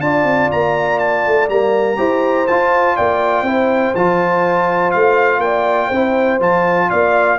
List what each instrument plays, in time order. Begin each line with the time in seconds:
0.00 tuba D4, trombone F4, horn D5, trumpet A5
0.23 tuba C4
0.51 tuba A#3, trumpet A#5
0.99 trumpet A5
1.27 tuba A3
1.49 tuba G3, trombone A#3, trumpet A#5
1.97 tuba E4, trombone G4, horn C5
2.47 tuba F4, trombone F4, trumpet A5
2.96 tuba A#3, horn D5, trumpet G5
3.42 tuba C4, trombone E4, horn C5
3.94 tuba F3, trombone F4, trumpet A5
4.91 tuba A3, trumpet F5
5.39 tuba A#3, horn D5, trumpet G5
5.88 tuba C4, trombone E4, horn C5
6.40 tuba F3, trombone F4, trumpet A5
6.90 tuba A#3, horn D5, trumpet F5